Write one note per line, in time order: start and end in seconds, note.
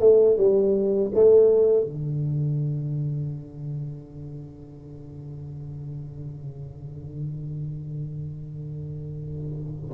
0.00 0.37 A3
0.37 1.12 G3
1.15 1.85 A3
1.85 9.91 D3